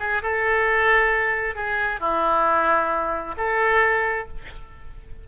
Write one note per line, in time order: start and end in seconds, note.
0.00 0.23 G#4
0.23 1.56 A4
1.56 2.01 G#4
2.01 3.36 E4
3.38 4.28 A4